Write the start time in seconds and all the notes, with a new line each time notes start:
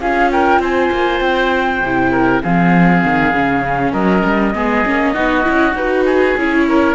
0.00 C#4 F4 G#4 F5
0.31 A#4 G5
0.59 C4 C5 G#5
0.91 A#3
1.20 C4 G5
1.82 C3 E4
2.11 A#4
2.43 F3 C4 G#4 F5
3.04 D#3
3.33 C#3 C#4
3.92 F#3 A#4 D#5
4.24 G3
4.54 G#3 B3 G#4
4.84 A#3 C#4
5.13 B3 D#4 F#4
5.43 C#4 E4
5.74 D#4 F#4 B4
6.05 G#4
6.37 C#4 E4 C#5
6.68 A#4